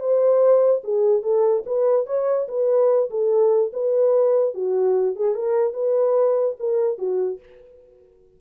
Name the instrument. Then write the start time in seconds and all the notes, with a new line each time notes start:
horn
0.00 C5
0.84 G#4
1.23 A4
1.66 B4
2.06 C#5
2.48 B4
3.10 A4
3.73 B4
4.54 F#4
5.16 G#4
5.35 A#4
5.74 B4
6.60 A#4
6.99 F#4